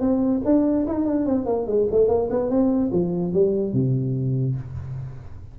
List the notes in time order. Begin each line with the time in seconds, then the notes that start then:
0.00 C4
0.45 D4
0.87 D#4
1.05 D4
1.26 C4
1.46 A#3
1.66 G#3
1.91 A3
2.08 A#3
2.30 B3
2.50 C4
2.92 F3
3.33 G3
3.73 C3